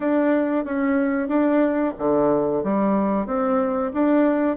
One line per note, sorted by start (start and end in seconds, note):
0.00 0.64 D4
0.65 1.28 C#4
1.28 1.93 D4
1.98 2.63 D3
2.63 3.26 G3
3.26 3.91 C4
3.93 4.57 D4